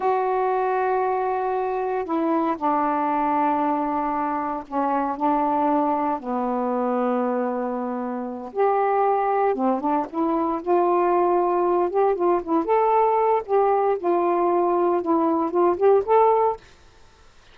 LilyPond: \new Staff \with { instrumentName = "saxophone" } { \time 4/4 \tempo 4 = 116 fis'1 | e'4 d'2.~ | d'4 cis'4 d'2 | b1~ |
b8 g'2 c'8 d'8 e'8~ | e'8 f'2~ f'8 g'8 f'8 | e'8 a'4. g'4 f'4~ | f'4 e'4 f'8 g'8 a'4 | }